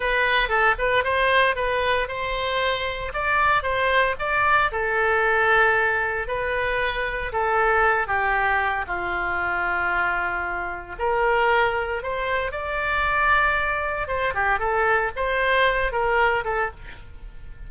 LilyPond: \new Staff \with { instrumentName = "oboe" } { \time 4/4 \tempo 4 = 115 b'4 a'8 b'8 c''4 b'4 | c''2 d''4 c''4 | d''4 a'2. | b'2 a'4. g'8~ |
g'4 f'2.~ | f'4 ais'2 c''4 | d''2. c''8 g'8 | a'4 c''4. ais'4 a'8 | }